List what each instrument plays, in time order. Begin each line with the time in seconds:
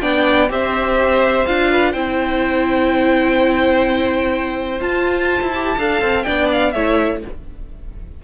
0.00 cello B3, viola D4, violin D5 G5
0.49 cello C4, viola G4, violin C5 E5
1.46 cello D4, viola F4, violin F5
1.72 violin B4
1.91 cello C4, viola E4, violin C5 G5
4.80 cello F4, viola F4, violin A5
5.42 cello E4
5.55 viola G4
5.78 cello D4, viola A4, violin F5
6.01 cello C4
6.23 cello B3, viola D4, violin D5 G5
6.52 violin F5
6.72 cello A3, viola E4, violin C#5 E5